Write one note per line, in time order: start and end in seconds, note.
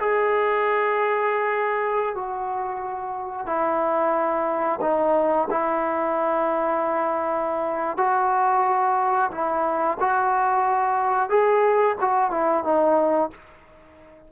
0.00 2.15 G#4
2.15 3.47 F#4
3.47 4.80 E4
4.82 5.48 D#4
5.51 7.98 E4
7.98 9.31 F#4
9.32 9.98 E4
10.00 11.30 F#4
11.30 11.97 G#4
12.01 12.31 F#4
12.31 12.64 E4
12.64 13.31 D#4